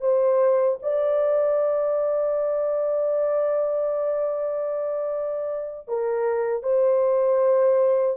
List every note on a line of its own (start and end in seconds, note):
0.00 0.78 C5
0.82 5.88 D5
5.88 6.63 A#4
6.63 8.17 C5